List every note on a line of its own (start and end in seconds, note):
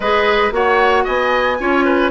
0.00 0.51 G#3
0.00 0.51 G#4
0.00 0.53 B4
0.00 0.52 D#5
0.51 1.04 A#3
0.51 1.57 F#4
0.51 1.04 C#5
0.51 1.05 F#5
1.04 1.59 B3
1.04 1.57 D#5
1.04 2.10 G#5
1.59 2.10 C#4
1.59 2.10 F4
1.59 1.84 C#5
1.84 2.10 B4